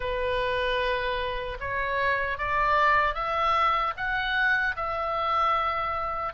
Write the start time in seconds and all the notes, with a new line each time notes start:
0.00 B4
1.60 C#5
2.38 D5
3.14 E5
3.96 F#5
4.75 E5